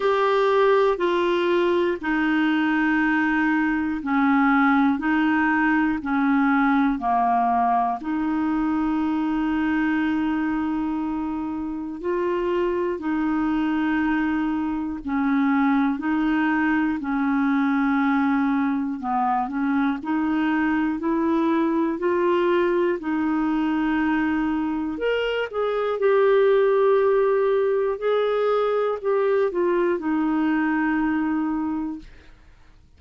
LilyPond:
\new Staff \with { instrumentName = "clarinet" } { \time 4/4 \tempo 4 = 60 g'4 f'4 dis'2 | cis'4 dis'4 cis'4 ais4 | dis'1 | f'4 dis'2 cis'4 |
dis'4 cis'2 b8 cis'8 | dis'4 e'4 f'4 dis'4~ | dis'4 ais'8 gis'8 g'2 | gis'4 g'8 f'8 dis'2 | }